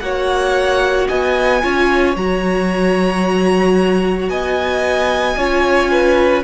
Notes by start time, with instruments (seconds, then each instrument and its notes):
0.00 cello A#3, viola F#4, violin C#5 F#5
1.08 cello B3, violin D#5 G#5
1.63 cello C#4, viola F4, violin C#5
2.16 cello F#3, viola F#4, violin A#5
4.29 cello B3, violin D#5 G#5
5.36 cello C#4, viola F4, violin C#5
5.91 violin B4